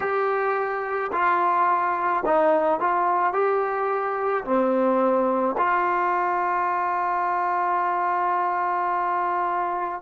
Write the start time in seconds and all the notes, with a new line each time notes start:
0.00 G4
1.12 F4
2.25 D#4
2.80 F4
3.33 G4
4.44 C4
5.57 F4